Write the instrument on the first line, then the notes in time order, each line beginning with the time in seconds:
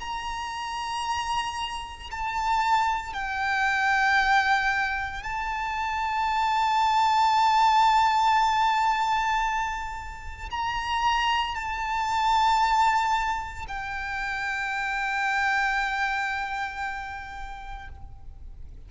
violin
0.00 A#5
2.11 A5
3.13 G5
5.23 A5
10.51 A#5
11.56 A5
13.68 G5